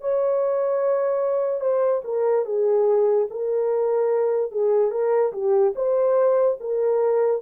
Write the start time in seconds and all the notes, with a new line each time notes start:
0.00 C#5
1.60 C5
2.04 A#4
2.45 G#4
3.30 A#4
4.51 G#4
4.91 A#4
5.32 G4
5.75 C5
6.60 A#4